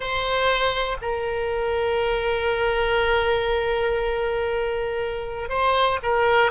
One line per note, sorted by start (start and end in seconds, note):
0.00 0.97 C5
1.01 5.49 A#4
5.49 5.99 C5
6.03 6.51 A#4